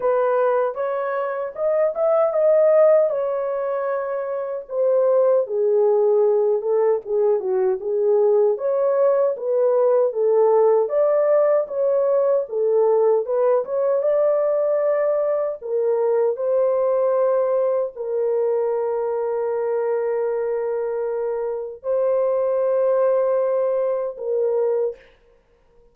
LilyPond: \new Staff \with { instrumentName = "horn" } { \time 4/4 \tempo 4 = 77 b'4 cis''4 dis''8 e''8 dis''4 | cis''2 c''4 gis'4~ | gis'8 a'8 gis'8 fis'8 gis'4 cis''4 | b'4 a'4 d''4 cis''4 |
a'4 b'8 cis''8 d''2 | ais'4 c''2 ais'4~ | ais'1 | c''2. ais'4 | }